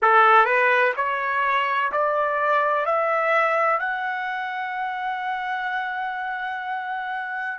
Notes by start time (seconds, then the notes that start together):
0.02 A4
0.45 B4
0.96 C#5
1.92 D5
2.85 E5
3.79 F#5